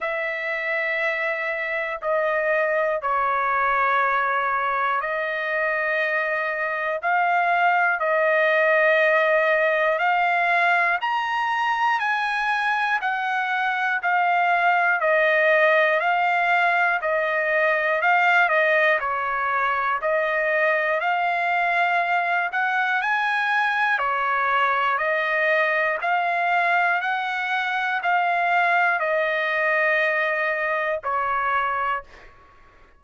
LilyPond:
\new Staff \with { instrumentName = "trumpet" } { \time 4/4 \tempo 4 = 60 e''2 dis''4 cis''4~ | cis''4 dis''2 f''4 | dis''2 f''4 ais''4 | gis''4 fis''4 f''4 dis''4 |
f''4 dis''4 f''8 dis''8 cis''4 | dis''4 f''4. fis''8 gis''4 | cis''4 dis''4 f''4 fis''4 | f''4 dis''2 cis''4 | }